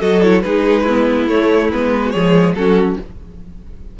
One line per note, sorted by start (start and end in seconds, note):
0.00 0.43 F#3
0.00 0.22 F#4
0.00 0.42 A4
0.00 0.22 D#5
0.22 0.43 E4
0.22 0.41 C#5
0.41 1.26 G#3
0.41 0.87 D#4
0.41 0.83 G#4
0.41 1.26 B4
0.83 1.30 B3
0.83 2.00 E4
1.26 1.69 A3
1.26 1.71 A3
1.26 1.70 C#5
1.71 2.14 G#3
1.71 2.14 B3
1.71 2.10 B4
2.05 2.12 F#4
2.05 2.52 C#5
2.12 2.54 F3
2.12 2.56 G#3
2.12 2.54 G#4
2.54 2.96 F#3
2.54 2.99 C#4
2.54 2.99 F#4
2.54 2.97 A4